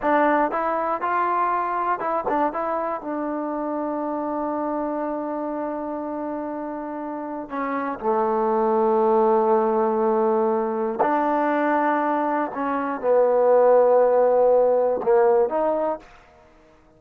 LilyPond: \new Staff \with { instrumentName = "trombone" } { \time 4/4 \tempo 4 = 120 d'4 e'4 f'2 | e'8 d'8 e'4 d'2~ | d'1~ | d'2. cis'4 |
a1~ | a2 d'2~ | d'4 cis'4 b2~ | b2 ais4 dis'4 | }